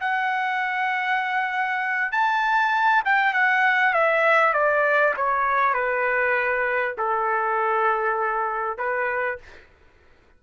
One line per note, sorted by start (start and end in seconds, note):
0.00 2.12 F#5
2.12 3.02 A5
3.05 3.33 G5
3.33 3.93 F#5
3.93 4.53 E5
4.53 5.14 D5
5.17 5.73 C#5
5.73 6.94 B4
6.98 8.77 A4
8.77 9.38 B4